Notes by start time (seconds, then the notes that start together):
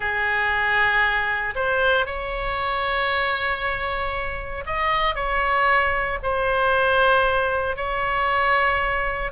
0.00 G#4
1.55 C5
2.05 C#5
4.66 D#5
5.15 C#5
6.22 C5
7.76 C#5